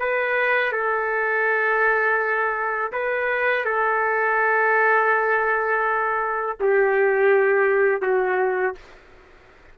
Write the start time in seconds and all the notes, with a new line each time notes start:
0.00 B4
0.73 A4
2.93 B4
3.65 A4
6.61 G4
8.03 F#4